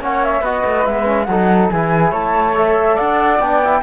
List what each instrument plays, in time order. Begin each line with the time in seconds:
0.00 cello A#3, trombone C#4, flute C#5 F#5
0.24 flute E5
0.41 cello B3, trombone F#4, flute B4 D#5
0.64 cello A3
0.85 cello G#3, trombone B3, flute E5
1.05 trombone C#4
1.24 cello F#3, flute A4 F#5
1.31 trombone D#4
1.69 cello E3, trombone E4, flute G#4 G#5
2.11 cello A3, flute C#5 A5
2.54 trombone A4, flute E5
2.94 cello D4, flute D5 F#5
3.39 cello B3, trombone D4, flute G5
3.64 trombone E4